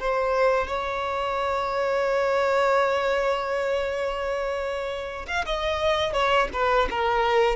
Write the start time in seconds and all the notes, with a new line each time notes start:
0.00 C5
0.68 C#5
5.28 F5
5.46 D#5
6.13 C#5
6.54 B4
6.91 A#4